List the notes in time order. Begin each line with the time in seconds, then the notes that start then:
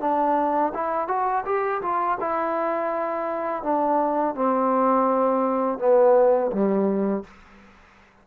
0.00 D4
0.74 E4
1.08 F#4
1.45 G4
1.82 F4
2.20 E4
3.63 D4
4.35 C4
5.78 B3
6.52 G3